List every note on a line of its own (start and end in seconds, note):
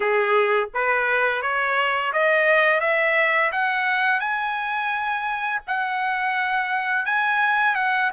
0.00 0.69 G#4
0.74 1.41 B4
1.41 2.12 C#5
2.12 2.80 D#5
2.80 3.51 E5
3.51 4.20 F#5
4.20 5.61 G#5
5.67 7.05 F#5
7.05 7.75 G#5
7.75 8.10 F#5